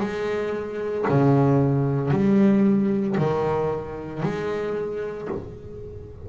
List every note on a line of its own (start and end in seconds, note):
0.00 1.05 G#3
1.09 2.11 C#3
2.11 3.16 G3
3.18 4.22 D#3
4.22 5.28 G#3